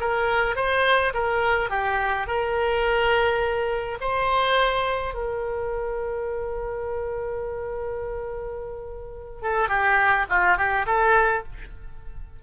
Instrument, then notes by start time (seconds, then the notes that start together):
oboe
0.00 A#4
0.56 C5
1.14 A#4
1.70 G4
2.27 A#4
4.01 C5
5.14 A#4
9.42 A4
9.69 G4
10.29 F4
10.57 G4
10.86 A4